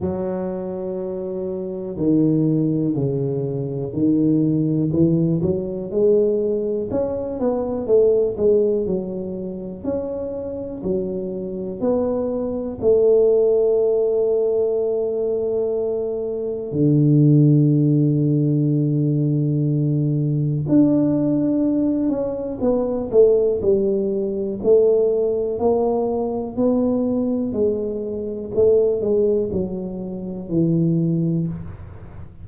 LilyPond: \new Staff \with { instrumentName = "tuba" } { \time 4/4 \tempo 4 = 61 fis2 dis4 cis4 | dis4 e8 fis8 gis4 cis'8 b8 | a8 gis8 fis4 cis'4 fis4 | b4 a2.~ |
a4 d2.~ | d4 d'4. cis'8 b8 a8 | g4 a4 ais4 b4 | gis4 a8 gis8 fis4 e4 | }